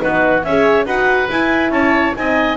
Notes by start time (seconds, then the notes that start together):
0.00 B3 D#4 F#4 B4
0.43 C#4 G#4 C#5 E5
0.86 D#4 F#4 B4 F#5
1.30 E4 G#5
1.70 C#4 C#5 A5
2.15 C4 D#4 D#5 G#5